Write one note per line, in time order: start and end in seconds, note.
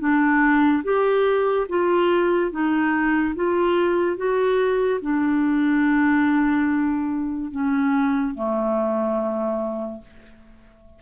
0.00 0.83 D4
0.84 1.67 G4
1.69 2.52 F4
2.52 3.35 D#4
3.36 4.17 F4
4.17 5.00 F#4
5.02 7.52 D4
7.52 8.35 C#4
8.35 10.02 A3